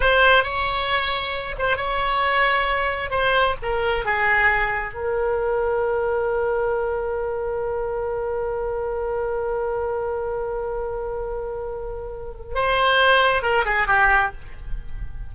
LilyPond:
\new Staff \with { instrumentName = "oboe" } { \time 4/4 \tempo 4 = 134 c''4 cis''2~ cis''8 c''8 | cis''2. c''4 | ais'4 gis'2 ais'4~ | ais'1~ |
ais'1~ | ais'1~ | ais'1 | c''2 ais'8 gis'8 g'4 | }